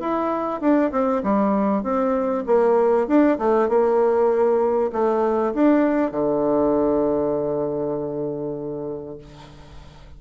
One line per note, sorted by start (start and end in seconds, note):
0.00 0.61 E4
0.61 0.91 D4
0.92 1.22 C4
1.23 1.83 G3
1.83 2.44 C4
2.46 3.07 A#3
3.07 3.38 D4
3.38 3.69 A3
3.69 4.91 A#3
4.92 5.54 A3
5.54 6.12 D4
6.12 9.18 D3